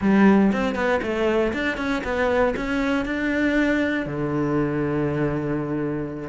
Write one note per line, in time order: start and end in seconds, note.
0.01 0.51 G3
0.52 0.75 C4
0.75 1.00 B3
1.02 1.52 A3
1.53 1.77 D4
1.77 2.02 C#4
2.04 2.54 B3
2.56 3.05 C#4
3.05 4.05 D4
4.06 6.29 D3